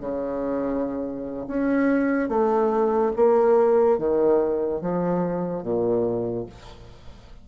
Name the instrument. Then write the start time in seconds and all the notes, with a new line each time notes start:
bassoon
0.00 C#3
1.48 C#4
2.29 A3
3.16 A#3
3.98 D#3
4.81 F3
5.63 A#2